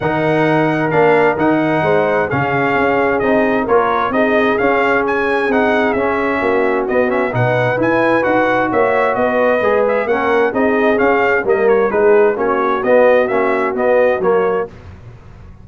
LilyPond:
<<
  \new Staff \with { instrumentName = "trumpet" } { \time 4/4 \tempo 4 = 131 fis''2 f''4 fis''4~ | fis''4 f''2 dis''4 | cis''4 dis''4 f''4 gis''4 | fis''4 e''2 dis''8 e''8 |
fis''4 gis''4 fis''4 e''4 | dis''4. e''8 fis''4 dis''4 | f''4 dis''8 cis''8 b'4 cis''4 | dis''4 e''4 dis''4 cis''4 | }
  \new Staff \with { instrumentName = "horn" } { \time 4/4 ais'1 | c''4 gis'2. | ais'4 gis'2.~ | gis'2 fis'2 |
b'2. cis''4 | b'2 ais'4 gis'4~ | gis'4 ais'4 gis'4 fis'4~ | fis'1 | }
  \new Staff \with { instrumentName = "trombone" } { \time 4/4 dis'2 d'4 dis'4~ | dis'4 cis'2 dis'4 | f'4 dis'4 cis'2 | dis'4 cis'2 b8 cis'8 |
dis'4 e'4 fis'2~ | fis'4 gis'4 cis'4 dis'4 | cis'4 ais4 dis'4 cis'4 | b4 cis'4 b4 ais4 | }
  \new Staff \with { instrumentName = "tuba" } { \time 4/4 dis2 ais4 dis4 | gis4 cis4 cis'4 c'4 | ais4 c'4 cis'2 | c'4 cis'4 ais4 b4 |
b,4 e'4 dis'4 ais4 | b4 gis4 ais4 c'4 | cis'4 g4 gis4 ais4 | b4 ais4 b4 fis4 | }
>>